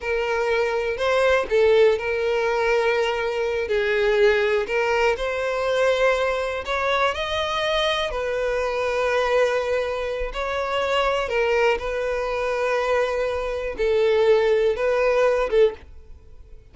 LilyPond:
\new Staff \with { instrumentName = "violin" } { \time 4/4 \tempo 4 = 122 ais'2 c''4 a'4 | ais'2.~ ais'8 gis'8~ | gis'4. ais'4 c''4.~ | c''4. cis''4 dis''4.~ |
dis''8 b'2.~ b'8~ | b'4 cis''2 ais'4 | b'1 | a'2 b'4. a'8 | }